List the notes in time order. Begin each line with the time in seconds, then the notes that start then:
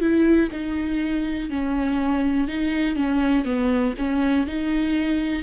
0.00 E4
0.52 D#4
1.49 C#4
2.48 D#4
2.96 C#4
3.45 B3
3.97 C#4
4.47 D#4